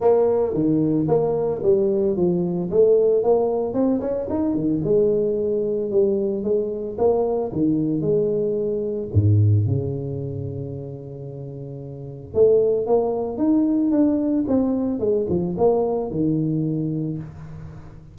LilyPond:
\new Staff \with { instrumentName = "tuba" } { \time 4/4 \tempo 4 = 112 ais4 dis4 ais4 g4 | f4 a4 ais4 c'8 cis'8 | dis'8 dis8 gis2 g4 | gis4 ais4 dis4 gis4~ |
gis4 gis,4 cis2~ | cis2. a4 | ais4 dis'4 d'4 c'4 | gis8 f8 ais4 dis2 | }